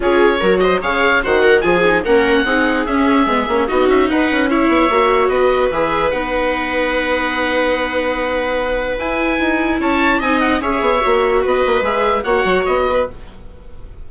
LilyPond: <<
  \new Staff \with { instrumentName = "oboe" } { \time 4/4 \tempo 4 = 147 cis''4. dis''8 f''4 fis''4 | gis''4 fis''2 e''4~ | e''4 dis''8 e''8 fis''4 e''4~ | e''4 dis''4 e''4 fis''4~ |
fis''1~ | fis''2 gis''2 | a''4 gis''8 fis''8 e''2 | dis''4 e''4 fis''4 dis''4 | }
  \new Staff \with { instrumentName = "viola" } { \time 4/4 gis'4 ais'8 c''8 cis''4 c''8 ais'8 | gis'4 ais'4 gis'2~ | gis'4 fis'4 b'4 cis''4~ | cis''4 b'2.~ |
b'1~ | b'1 | cis''4 dis''4 cis''2 | b'2 cis''4. b'8 | }
  \new Staff \with { instrumentName = "viola" } { \time 4/4 f'4 fis'4 gis'4 fis'4 | f'8 dis'8 cis'4 dis'4 cis'4 | b8 cis'8 dis'2 e'4 | fis'2 gis'4 dis'4~ |
dis'1~ | dis'2 e'2~ | e'4 dis'4 gis'4 fis'4~ | fis'4 gis'4 fis'2 | }
  \new Staff \with { instrumentName = "bassoon" } { \time 4/4 cis'4 fis4 cis4 dis4 | f4 ais4 c'4 cis'4 | gis8 ais8 b8 cis'8 dis'8 cis'4 b8 | ais4 b4 e4 b4~ |
b1~ | b2 e'4 dis'4 | cis'4 c'4 cis'8 b8 ais4 | b8 ais8 gis4 ais8 fis8 b4 | }
>>